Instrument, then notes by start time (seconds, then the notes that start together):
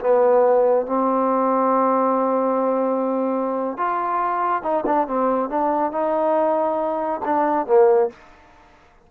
trombone
0.00 B3
0.86 C4
3.77 F4
4.62 D#4
4.86 D4
5.07 C4
5.49 D4
5.92 D#4
7.25 D4
7.67 A#3